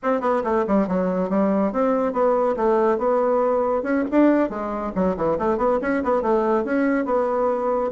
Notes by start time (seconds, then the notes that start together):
0.02 C4
0.20 B3
0.43 A3
0.67 G3
0.87 F#3
1.29 G3
1.72 C4
2.12 B3
2.56 A3
2.98 B3
3.83 C#4
4.10 D4
4.49 G#3
4.95 F#3
5.16 E3
5.38 A3
5.57 B3
5.81 C#4
6.03 B3
6.22 A3
6.64 C#4
7.05 B3